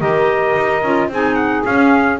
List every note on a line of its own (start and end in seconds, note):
0.00 0.56 D#3
0.00 0.83 G4
0.00 1.10 A#4
0.00 1.11 D#5
0.57 0.83 D#4
0.83 1.09 C#4
0.83 1.12 F4
1.09 1.64 C4
1.09 1.66 D#4
1.09 2.20 G#4
1.09 1.35 G#5
1.35 1.63 F#5
1.66 2.20 C#4
1.66 2.20 F5